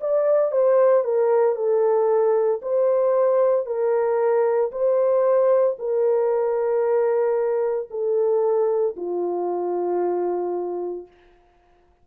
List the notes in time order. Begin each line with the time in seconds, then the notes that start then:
0.00 D5
0.52 C5
1.04 A#4
1.56 A4
2.62 C5
3.66 A#4
4.71 C5
5.78 A#4
7.90 A4
8.97 F4